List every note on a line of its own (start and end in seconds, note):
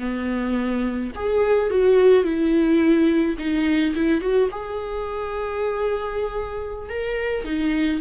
0.00 1.12 B3
1.15 1.71 G#4
1.71 2.24 F#4
2.24 3.36 E4
3.39 3.95 D#4
3.96 4.22 E4
4.22 4.50 F#4
4.51 6.90 G#4
6.90 7.45 A#4
7.45 8.01 D#4